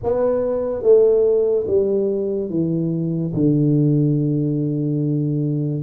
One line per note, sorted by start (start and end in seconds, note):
0.03 0.82 B3
0.82 1.66 A3
1.67 2.49 G3
2.49 3.33 E3
3.34 5.83 D3